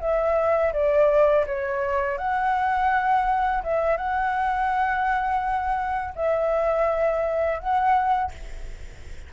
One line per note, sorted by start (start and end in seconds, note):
0.00 0.72 E5
0.73 1.45 D5
1.47 2.18 C#5
2.18 3.62 F#5
3.63 3.97 E5
3.97 6.14 F#5
6.15 7.59 E5
7.59 8.32 F#5